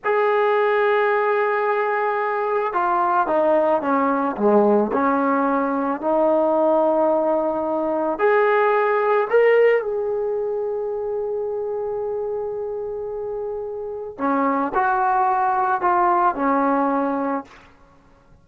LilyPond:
\new Staff \with { instrumentName = "trombone" } { \time 4/4 \tempo 4 = 110 gis'1~ | gis'4 f'4 dis'4 cis'4 | gis4 cis'2 dis'4~ | dis'2. gis'4~ |
gis'4 ais'4 gis'2~ | gis'1~ | gis'2 cis'4 fis'4~ | fis'4 f'4 cis'2 | }